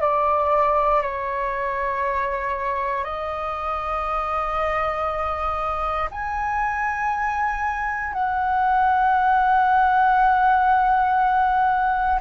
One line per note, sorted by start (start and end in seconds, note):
0.00 1.02 D5
1.02 3.04 C#5
3.04 6.09 D#5
6.11 8.13 G#5
8.13 12.19 F#5